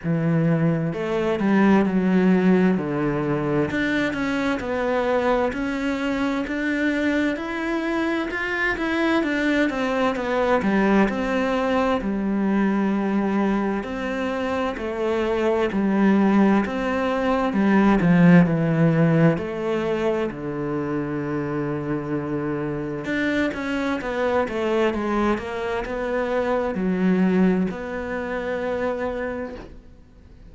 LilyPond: \new Staff \with { instrumentName = "cello" } { \time 4/4 \tempo 4 = 65 e4 a8 g8 fis4 d4 | d'8 cis'8 b4 cis'4 d'4 | e'4 f'8 e'8 d'8 c'8 b8 g8 | c'4 g2 c'4 |
a4 g4 c'4 g8 f8 | e4 a4 d2~ | d4 d'8 cis'8 b8 a8 gis8 ais8 | b4 fis4 b2 | }